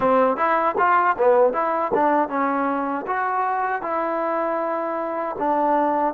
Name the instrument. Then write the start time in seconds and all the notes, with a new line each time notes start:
trombone
0.00 C4
0.37 E4
0.78 F4
1.17 B3
1.53 E4
1.93 D4
2.28 C#4
3.06 F#4
3.82 E4
5.38 D4